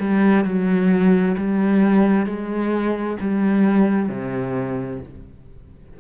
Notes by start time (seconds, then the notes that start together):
0.00 G3
0.45 F#3
1.37 G3
2.26 G#3
3.20 G3
4.09 C3